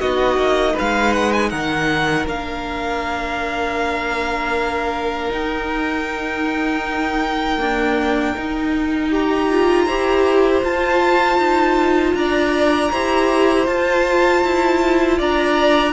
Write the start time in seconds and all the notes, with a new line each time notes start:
0.00 B3 D#4 F#4 D#5
0.37 A#3
0.73 B4 F5
0.80 G#3
1.13 F#5
1.32 G#5
1.50 D#3 A#4 F#5
2.25 A#3 D4 F5
5.29 D#4 G5
7.58 A#3 D4
8.35 D#4
9.10 G4 A#5
9.51 F4
9.85 E4 G4 C5
10.62 F4 A5
11.38 D#4
12.14 D4 D5 A#5
12.92 E4 G4 C5
13.67 F4 A5
14.44 E4
15.18 D4 D5 A#5